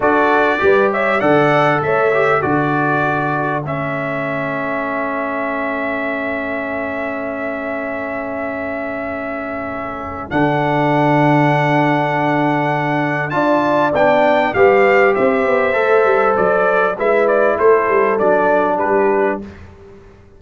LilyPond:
<<
  \new Staff \with { instrumentName = "trumpet" } { \time 4/4 \tempo 4 = 99 d''4. e''8 fis''4 e''4 | d''2 e''2~ | e''1~ | e''1~ |
e''4 fis''2.~ | fis''2 a''4 g''4 | f''4 e''2 d''4 | e''8 d''8 c''4 d''4 b'4 | }
  \new Staff \with { instrumentName = "horn" } { \time 4/4 a'4 b'8 cis''8 d''4 cis''4 | a'1~ | a'1~ | a'1~ |
a'1~ | a'2 d''2 | b'4 c''2. | b'4 a'2 g'4 | }
  \new Staff \with { instrumentName = "trombone" } { \time 4/4 fis'4 g'4 a'4. g'8 | fis'2 cis'2~ | cis'1~ | cis'1~ |
cis'4 d'2.~ | d'2 f'4 d'4 | g'2 a'2 | e'2 d'2 | }
  \new Staff \with { instrumentName = "tuba" } { \time 4/4 d'4 g4 d4 a4 | d2 a2~ | a1~ | a1~ |
a4 d2.~ | d2 d'4 b4 | g4 c'8 b8 a8 g8 fis4 | gis4 a8 g8 fis4 g4 | }
>>